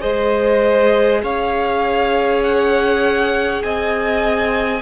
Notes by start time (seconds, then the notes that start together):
0.00 G#3 G#4 C5 D#5
1.23 C#4 C#5 F5
2.43 F#5
3.62 C4 D#5 G#5